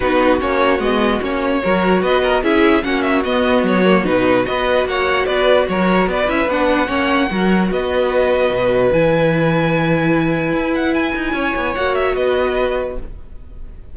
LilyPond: <<
  \new Staff \with { instrumentName = "violin" } { \time 4/4 \tempo 4 = 148 b'4 cis''4 dis''4 cis''4~ | cis''4 dis''4 e''4 fis''8 e''8 | dis''4 cis''4 b'4 dis''4 | fis''4 d''4 cis''4 d''8 e''8 |
fis''2. dis''4~ | dis''2 gis''2~ | gis''2~ gis''8 fis''8 gis''4~ | gis''4 fis''8 e''8 dis''2 | }
  \new Staff \with { instrumentName = "violin" } { \time 4/4 fis'1 | ais'4 b'8 ais'8 gis'4 fis'4~ | fis'2. b'4 | cis''4 b'4 ais'4 b'4~ |
b'4 cis''4 ais'4 b'4~ | b'1~ | b'1 | cis''2 b'2 | }
  \new Staff \with { instrumentName = "viola" } { \time 4/4 dis'4 cis'4 b4 cis'4 | fis'2 e'4 cis'4 | b4. ais8 dis'4 fis'4~ | fis'2.~ fis'8 e'8 |
d'4 cis'4 fis'2~ | fis'2 e'2~ | e'1~ | e'4 fis'2. | }
  \new Staff \with { instrumentName = "cello" } { \time 4/4 b4 ais4 gis4 ais4 | fis4 b4 cis'4 ais4 | b4 fis4 b,4 b4 | ais4 b4 fis4 b8 cis'8 |
b4 ais4 fis4 b4~ | b4 b,4 e2~ | e2 e'4. dis'8 | cis'8 b8 ais4 b2 | }
>>